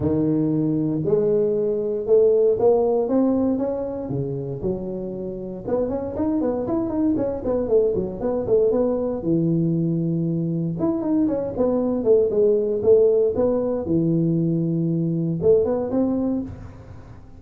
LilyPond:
\new Staff \with { instrumentName = "tuba" } { \time 4/4 \tempo 4 = 117 dis2 gis2 | a4 ais4 c'4 cis'4 | cis4 fis2 b8 cis'8 | dis'8 b8 e'8 dis'8 cis'8 b8 a8 fis8 |
b8 a8 b4 e2~ | e4 e'8 dis'8 cis'8 b4 a8 | gis4 a4 b4 e4~ | e2 a8 b8 c'4 | }